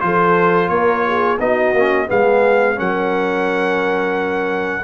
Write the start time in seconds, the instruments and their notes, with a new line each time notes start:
0.00 tuba F3, trombone F4, horn A4, trumpet C5
0.69 tuba A#3, horn A#4, trumpet C#5
1.06 horn G#4
1.39 tuba B3, trombone D#4, horn F#4, trumpet D#5
1.73 tuba A#3, trombone C#4
2.07 tuba G#3, trombone B3, horn G#4, trumpet F5
2.75 tuba F#3, trombone C#4, horn A#4, trumpet F#5